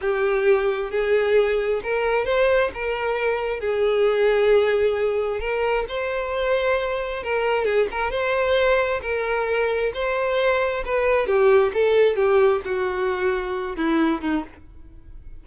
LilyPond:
\new Staff \with { instrumentName = "violin" } { \time 4/4 \tempo 4 = 133 g'2 gis'2 | ais'4 c''4 ais'2 | gis'1 | ais'4 c''2. |
ais'4 gis'8 ais'8 c''2 | ais'2 c''2 | b'4 g'4 a'4 g'4 | fis'2~ fis'8 e'4 dis'8 | }